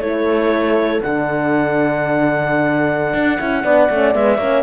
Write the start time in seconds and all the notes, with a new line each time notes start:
0.00 A3 E4 A4 C#5
1.01 D3 D4 F#5
3.14 D4
3.39 C#4 E4
3.63 B3 D4 D5
3.90 A3 C#4
4.14 G#3 B3 E5
4.37 A#3 C#4 C#5